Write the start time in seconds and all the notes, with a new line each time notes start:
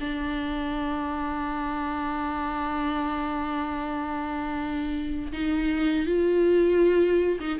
0.00 D4
5.32 D#4
6.06 F4
7.40 D#4